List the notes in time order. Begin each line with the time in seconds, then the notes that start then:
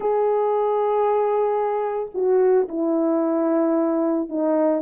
0.00 G#4
2.14 F#4
2.68 E4
4.29 D#4